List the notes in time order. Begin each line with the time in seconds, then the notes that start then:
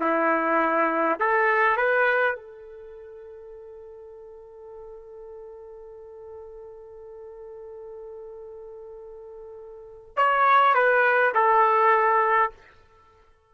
0.00 E4
1.19 A4
1.77 B4
2.36 A4
10.17 C#5
10.74 B4
11.34 A4